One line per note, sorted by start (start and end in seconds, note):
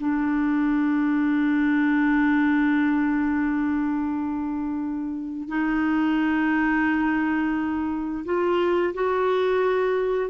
0.00 5.49 D4
5.49 8.24 D#4
8.25 8.94 F4
8.94 10.30 F#4